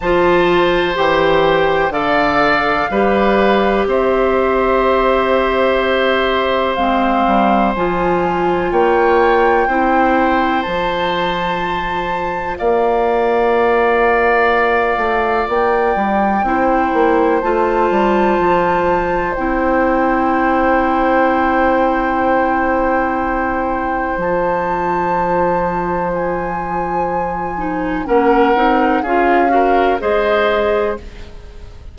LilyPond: <<
  \new Staff \with { instrumentName = "flute" } { \time 4/4 \tempo 4 = 62 a''4 g''4 f''2 | e''2. f''4 | gis''4 g''2 a''4~ | a''4 f''2. |
g''2 a''2 | g''1~ | g''4 a''2 gis''4~ | gis''4 fis''4 f''4 dis''4 | }
  \new Staff \with { instrumentName = "oboe" } { \time 4/4 c''2 d''4 b'4 | c''1~ | c''4 cis''4 c''2~ | c''4 d''2.~ |
d''4 c''2.~ | c''1~ | c''1~ | c''4 ais'4 gis'8 ais'8 c''4 | }
  \new Staff \with { instrumentName = "clarinet" } { \time 4/4 f'4 g'4 a'4 g'4~ | g'2. c'4 | f'2 e'4 f'4~ | f'1~ |
f'4 e'4 f'2 | e'1~ | e'4 f'2.~ | f'8 dis'8 cis'8 dis'8 f'8 fis'8 gis'4 | }
  \new Staff \with { instrumentName = "bassoon" } { \time 4/4 f4 e4 d4 g4 | c'2. gis8 g8 | f4 ais4 c'4 f4~ | f4 ais2~ ais8 a8 |
ais8 g8 c'8 ais8 a8 g8 f4 | c'1~ | c'4 f2.~ | f4 ais8 c'8 cis'4 gis4 | }
>>